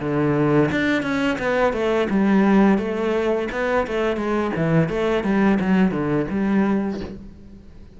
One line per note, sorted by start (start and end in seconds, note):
0.00 0.70 D3
0.71 1.02 D4
1.02 1.37 C#4
1.38 1.73 B3
1.73 2.07 A3
2.09 2.78 G3
2.78 3.48 A3
3.52 3.87 B3
3.87 4.16 A3
4.16 4.51 G#3
4.56 4.89 E3
4.89 5.23 A3
5.23 5.58 G3
5.60 5.91 F#3
5.91 6.26 D3
6.30 7.00 G3